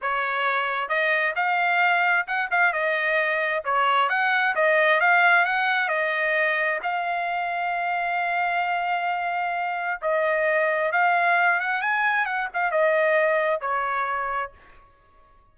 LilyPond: \new Staff \with { instrumentName = "trumpet" } { \time 4/4 \tempo 4 = 132 cis''2 dis''4 f''4~ | f''4 fis''8 f''8 dis''2 | cis''4 fis''4 dis''4 f''4 | fis''4 dis''2 f''4~ |
f''1~ | f''2 dis''2 | f''4. fis''8 gis''4 fis''8 f''8 | dis''2 cis''2 | }